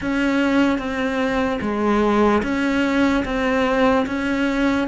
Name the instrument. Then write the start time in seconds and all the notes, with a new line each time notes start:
cello
0.01 C#4
0.78 C4
1.61 G#3
2.43 C#4
3.24 C4
4.06 C#4